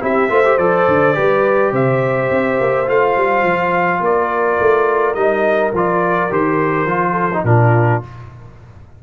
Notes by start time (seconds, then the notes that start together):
0.00 C4 E4 G4 E5
0.29 A3 F4 C5
0.44 G4
0.58 F3 A4 D5
0.88 D3
1.14 G3 G4 B4
1.72 C3 C5 E5
2.30 C4
2.60 A#3
2.86 A3 F4 F5
3.16 G3
3.43 F3
4.00 A#3 A#4 D5
4.60 A3
5.14 G3 D#4 D#5
5.73 F3 F4 D5
6.30 D#3 G4 C5
6.85 F3 F4
7.11 A4
7.33 D#4
7.44 A#2 D4 F4 A#4